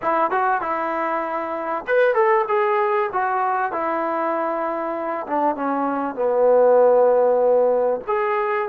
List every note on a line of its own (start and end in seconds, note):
0.02 0.30 E4
0.30 0.61 F#4
0.61 1.85 E4
1.87 2.14 B4
2.14 2.45 A4
2.47 3.09 G#4
3.12 3.71 F#4
3.71 5.26 E4
5.27 5.55 D4
5.55 6.15 C#4
6.15 8.00 B3
8.07 8.68 G#4